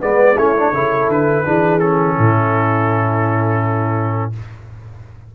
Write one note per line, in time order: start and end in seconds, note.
0.00 0.36 G#3
0.00 0.36 B3
0.00 0.35 B4
0.00 0.38 D5
0.35 0.72 A3
0.35 0.56 C#4
0.35 0.71 E4
0.35 1.10 C#5
0.56 0.73 D4
0.72 1.08 C#3
0.72 1.45 E4
0.72 1.46 A4
1.08 1.44 D3
1.08 1.79 B4
1.45 2.18 E3
1.45 1.80 D4
1.45 2.15 G#4
1.79 4.33 C#4
1.79 4.32 A4
2.15 4.35 A2
2.15 4.32 E4